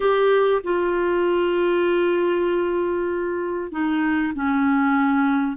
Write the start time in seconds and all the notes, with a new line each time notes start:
0.00 G4
0.63 F4
3.71 D#4
4.34 C#4